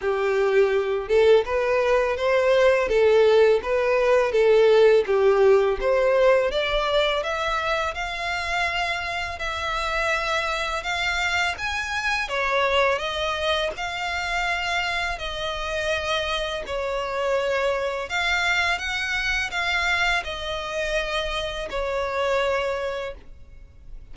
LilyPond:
\new Staff \with { instrumentName = "violin" } { \time 4/4 \tempo 4 = 83 g'4. a'8 b'4 c''4 | a'4 b'4 a'4 g'4 | c''4 d''4 e''4 f''4~ | f''4 e''2 f''4 |
gis''4 cis''4 dis''4 f''4~ | f''4 dis''2 cis''4~ | cis''4 f''4 fis''4 f''4 | dis''2 cis''2 | }